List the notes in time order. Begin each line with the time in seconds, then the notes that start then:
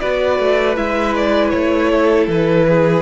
0.00 B3 F#4 B4 D5
0.40 A3
0.76 G#3 E4 E5
1.16 D5
1.51 A3 C#5
1.92 A4
2.28 E3 B4
2.69 G#4